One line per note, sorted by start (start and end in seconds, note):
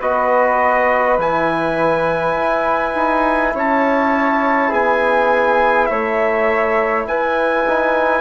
0.00 1.18 B3
0.00 1.18 F#4
0.00 3.53 B4
0.00 1.19 D#5
1.18 2.36 E3
1.18 7.65 E4
1.18 3.56 G#5
2.36 2.95 E4
2.95 3.53 D#4
3.54 4.71 C#4
3.54 4.69 C#5
3.54 4.73 A5
4.69 5.89 B3
4.69 5.87 G#4
4.69 5.86 G#5
5.86 7.07 A3
5.86 7.07 C#5
5.86 7.03 E5
7.07 8.21 E4
7.07 8.21 B4
7.07 8.21 G#5
7.67 8.21 D#4